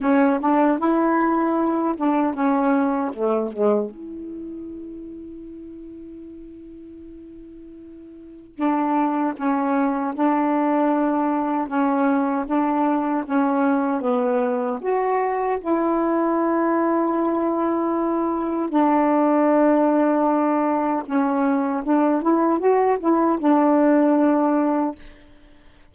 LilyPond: \new Staff \with { instrumentName = "saxophone" } { \time 4/4 \tempo 4 = 77 cis'8 d'8 e'4. d'8 cis'4 | a8 gis8 e'2.~ | e'2. d'4 | cis'4 d'2 cis'4 |
d'4 cis'4 b4 fis'4 | e'1 | d'2. cis'4 | d'8 e'8 fis'8 e'8 d'2 | }